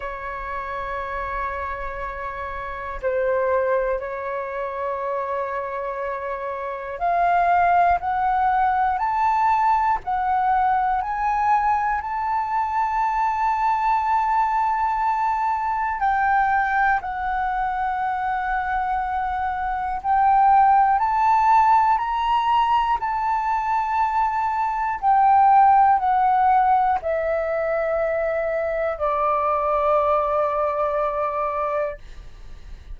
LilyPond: \new Staff \with { instrumentName = "flute" } { \time 4/4 \tempo 4 = 60 cis''2. c''4 | cis''2. f''4 | fis''4 a''4 fis''4 gis''4 | a''1 |
g''4 fis''2. | g''4 a''4 ais''4 a''4~ | a''4 g''4 fis''4 e''4~ | e''4 d''2. | }